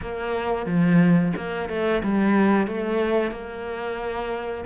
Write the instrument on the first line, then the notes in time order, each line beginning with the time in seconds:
cello
0.01 A#3
0.65 F3
1.36 A#3
1.69 A3
2.03 G3
2.67 A3
3.31 A#3